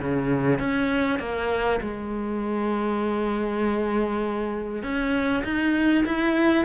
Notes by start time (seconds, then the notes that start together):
0.00 C#3
0.59 C#4
1.19 A#3
1.81 G#3
4.83 C#4
5.44 D#4
6.05 E4